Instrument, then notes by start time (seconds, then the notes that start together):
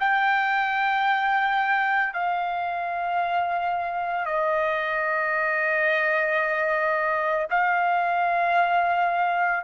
trumpet
0.00 G5
2.13 F5
4.26 D#5
7.50 F5